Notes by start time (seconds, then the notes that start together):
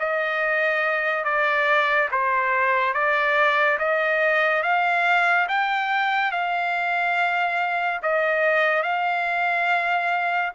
0.00 D#5
1.25 D5
2.12 C5
2.94 D5
3.79 D#5
4.63 F5
5.49 G5
6.32 F5
8.03 D#5
8.83 F5